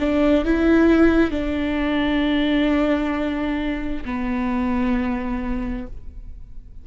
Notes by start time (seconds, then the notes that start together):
0.00 D4
0.45 E4
1.31 D4
4.05 B3